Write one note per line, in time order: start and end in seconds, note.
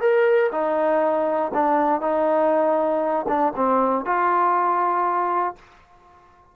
0.00 0.50 A#4
0.51 1.51 D#4
1.53 2.00 D4
2.00 3.25 D#4
3.28 3.53 D4
3.55 4.05 C4
4.05 5.55 F4